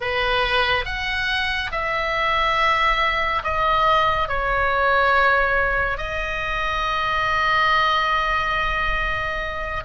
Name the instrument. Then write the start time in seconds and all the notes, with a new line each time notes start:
oboe
0.00 B4
0.85 F#5
1.71 E5
3.43 D#5
4.28 C#5
5.97 D#5